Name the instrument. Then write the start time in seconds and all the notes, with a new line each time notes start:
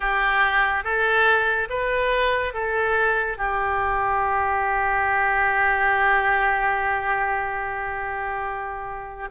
oboe
0.00 G4
0.84 A4
1.69 B4
2.54 A4
3.37 G4